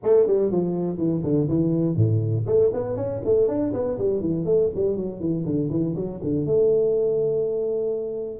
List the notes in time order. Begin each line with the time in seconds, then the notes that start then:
0.03 A3
0.26 G3
0.51 F3
0.97 E3
1.23 D3
1.48 E3
1.96 A2
2.46 A3
2.73 B3
2.96 C#4
3.24 A3
3.47 D4
3.73 B3
3.98 G3
4.20 E3
4.45 A3
4.75 G3
4.96 F#3
5.20 E3
5.45 D3
5.70 E3
5.95 F#3
6.23 D3
6.46 A3